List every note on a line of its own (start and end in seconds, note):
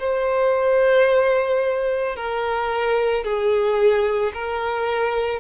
0.00 2.17 C5
2.17 3.24 A#4
3.24 4.33 G#4
4.34 5.40 A#4